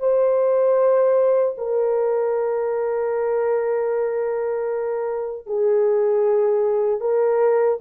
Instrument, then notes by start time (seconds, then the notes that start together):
horn
0.00 C5
1.58 A#4
5.47 G#4
7.01 A#4